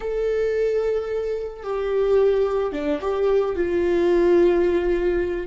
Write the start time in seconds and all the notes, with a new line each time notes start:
0.00 A4
1.63 G4
2.72 D4
3.00 G4
3.55 F4